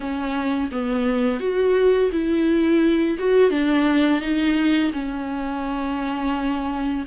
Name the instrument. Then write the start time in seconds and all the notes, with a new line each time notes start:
viola
0.00 C#4
0.71 B3
1.40 F#4
2.11 E4
3.18 F#4
3.50 D4
4.21 D#4
4.93 C#4